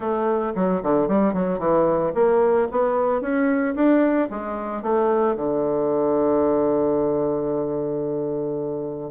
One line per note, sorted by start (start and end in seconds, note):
0.00 0.53 A3
0.55 0.82 F#3
0.83 1.08 D3
1.08 1.33 G3
1.33 1.58 F#3
1.58 2.12 E3
2.14 2.68 A#3
2.71 3.21 B3
3.21 3.74 C#4
3.75 4.29 D4
4.30 4.82 G#3
4.82 5.36 A3
5.36 9.11 D3